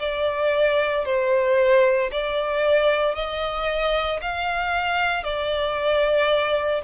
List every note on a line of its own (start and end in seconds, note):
0.00 1.05 D5
1.05 2.11 C5
2.12 3.15 D5
3.15 4.21 D#5
4.22 5.24 F5
5.24 6.82 D5